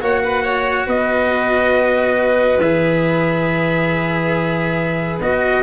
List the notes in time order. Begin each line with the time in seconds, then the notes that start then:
0.00 A#3 F#4 C#5 F#5
0.23 B4
0.44 C#5
0.87 B3 B4 D#5
2.59 E3 G#4 E5
5.20 B3 F#4 D#5